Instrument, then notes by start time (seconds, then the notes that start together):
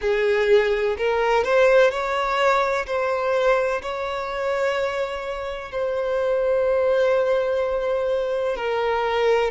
violin
0.01 G#4
0.97 A#4
1.43 C5
1.90 C#5
2.86 C5
3.82 C#5
5.71 C5
8.56 A#4